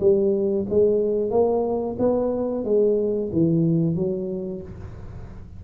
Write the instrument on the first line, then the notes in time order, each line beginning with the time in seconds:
tuba
0.00 G3
0.70 G#3
1.31 A#3
1.99 B3
2.65 G#3
3.33 E3
3.96 F#3